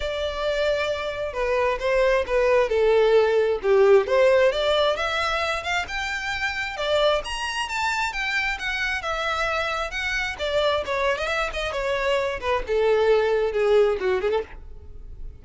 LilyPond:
\new Staff \with { instrumentName = "violin" } { \time 4/4 \tempo 4 = 133 d''2. b'4 | c''4 b'4 a'2 | g'4 c''4 d''4 e''4~ | e''8 f''8 g''2 d''4 |
ais''4 a''4 g''4 fis''4 | e''2 fis''4 d''4 | cis''8. dis''16 e''8 dis''8 cis''4. b'8 | a'2 gis'4 fis'8 gis'16 a'16 | }